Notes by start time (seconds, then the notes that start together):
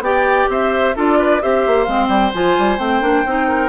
0.00 B3 G4 D5 G5
0.49 C4 C5 E5
0.96 D4 F4 A4 D5
1.19 B4
1.41 C4 G4 C5 E5
1.67 A#3
1.84 G#3 C4 F5
2.08 G3 G5
2.34 F3 F4 G#5
2.58 G3
2.79 A3 C4 G5
3.01 A#3 D4
3.25 C4 D#4
3.48 A#4